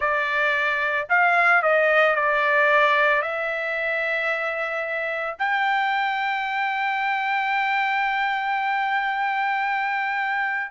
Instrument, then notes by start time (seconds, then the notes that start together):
trumpet
0.00 D5
1.09 F5
1.62 D#5
2.15 D5
3.22 E5
5.38 G5